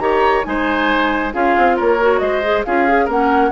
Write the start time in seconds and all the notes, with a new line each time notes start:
0.00 D#3 G4 C#5 A#5
0.44 G#3 D#4 C5 G#5
1.33 C#4 F4 G#4 F5
1.58 C4
1.77 A#3 A#4 C#5
2.01 F#4
2.19 G#3 C5 D#5
2.43 G#4
2.65 C#4 F4 G#4 F5
2.89 G#4
3.05 A#3 C#4 A#4 F#5